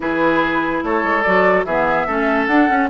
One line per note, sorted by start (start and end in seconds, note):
0.00 0.82 E3
0.00 1.23 E4
0.00 0.84 G#4
0.00 0.83 B4
0.83 1.03 A3
0.83 1.66 A4
0.83 1.22 C#5
1.03 1.24 G#3
1.22 1.64 F#3
1.22 1.66 F#4
1.22 1.63 D5
1.64 2.06 E3
1.64 2.07 B3
1.64 2.07 G#4
1.64 2.46 E5
2.06 2.47 A3
2.06 2.48 C#4
2.06 2.89 A4
2.46 2.68 D4
2.46 2.88 F#5
2.68 2.89 C#4